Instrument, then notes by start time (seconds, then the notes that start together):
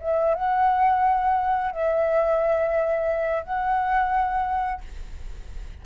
flute
0.00 E5
0.34 F#5
1.71 E5
3.43 F#5